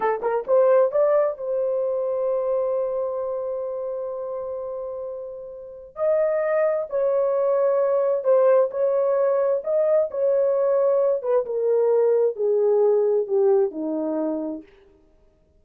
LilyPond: \new Staff \with { instrumentName = "horn" } { \time 4/4 \tempo 4 = 131 a'8 ais'8 c''4 d''4 c''4~ | c''1~ | c''1~ | c''4 dis''2 cis''4~ |
cis''2 c''4 cis''4~ | cis''4 dis''4 cis''2~ | cis''8 b'8 ais'2 gis'4~ | gis'4 g'4 dis'2 | }